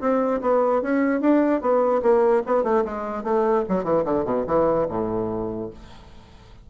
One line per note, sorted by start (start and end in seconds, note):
0.00 0.41 C4
0.41 0.82 B3
0.82 1.21 C#4
1.21 1.61 D4
1.61 2.01 B3
2.02 2.43 A#3
2.46 2.63 B3
2.63 2.84 A3
2.85 3.23 G#3
3.23 3.64 A3
3.69 3.84 F#3
3.84 4.04 E3
4.05 4.24 D3
4.24 4.45 B2
4.46 4.87 E3
4.89 5.70 A2